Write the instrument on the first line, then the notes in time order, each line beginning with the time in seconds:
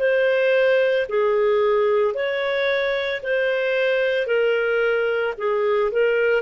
clarinet
0.00 C5
1.09 G#4
2.14 C#5
3.23 C5
4.27 A#4
5.38 G#4
5.92 A#4